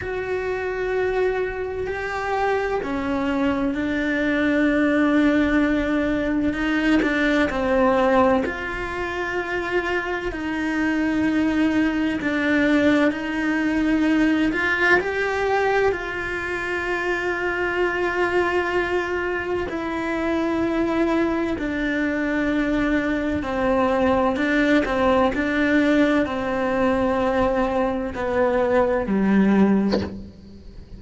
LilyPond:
\new Staff \with { instrumentName = "cello" } { \time 4/4 \tempo 4 = 64 fis'2 g'4 cis'4 | d'2. dis'8 d'8 | c'4 f'2 dis'4~ | dis'4 d'4 dis'4. f'8 |
g'4 f'2.~ | f'4 e'2 d'4~ | d'4 c'4 d'8 c'8 d'4 | c'2 b4 g4 | }